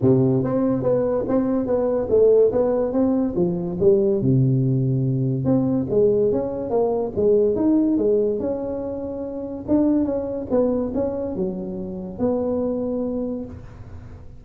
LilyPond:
\new Staff \with { instrumentName = "tuba" } { \time 4/4 \tempo 4 = 143 c4 c'4 b4 c'4 | b4 a4 b4 c'4 | f4 g4 c2~ | c4 c'4 gis4 cis'4 |
ais4 gis4 dis'4 gis4 | cis'2. d'4 | cis'4 b4 cis'4 fis4~ | fis4 b2. | }